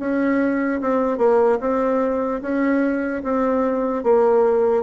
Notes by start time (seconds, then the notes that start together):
0.00 C#4
0.81 C4
1.18 A#3
1.60 C4
2.42 C#4
3.24 C4
4.04 A#3